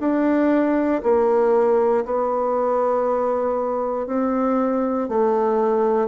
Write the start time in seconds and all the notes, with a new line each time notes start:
0.00 D4
1.03 A#3
2.05 B3
4.07 C4
5.08 A3